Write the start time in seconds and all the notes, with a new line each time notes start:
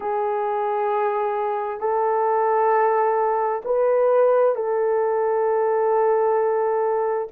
0.00 G#4
1.80 A4
3.64 B4
4.55 A4